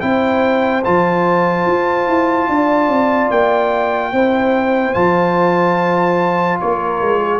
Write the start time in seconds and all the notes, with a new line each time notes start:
0.00 C4 E4 C5 G5
0.84 F3 F4 A5
1.66 F4
2.07 E4
2.49 D4 D5
2.88 C4
3.30 A#3 G5
4.13 C4 E4 C5
4.94 F3 F4 A5
6.60 A#3 A#4 C#5
7.01 G#3
7.20 G#4